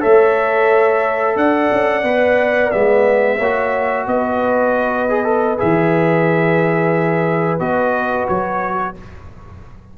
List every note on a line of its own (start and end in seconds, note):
0.00 1.36 A3
0.00 2.02 A4
0.00 1.35 C#5
0.00 1.37 E5
1.36 1.70 D4
1.36 3.37 D5
1.36 2.71 F#5
1.72 2.03 C#4
2.03 2.70 B3
2.03 2.71 B4
2.71 3.39 G#3
2.71 3.38 B3
2.71 4.06 E5
3.37 4.06 A#3
3.37 5.09 F#4
3.37 4.05 C#5
4.06 5.58 B3
4.06 8.97 B4
4.06 5.59 D#5
5.09 5.24 G#4
5.24 5.57 A4
5.57 7.59 E3
5.57 7.59 G#4
5.57 7.59 E5
7.59 8.27 B3
7.59 8.94 F#4
7.59 8.27 D#5
8.28 8.96 F#3
8.28 8.95 C#5